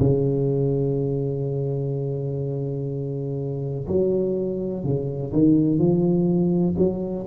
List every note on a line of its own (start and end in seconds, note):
0.00 3.87 C#3
3.88 4.84 F#3
4.84 5.32 C#3
5.33 5.78 D#3
5.78 6.75 F3
6.77 7.26 F#3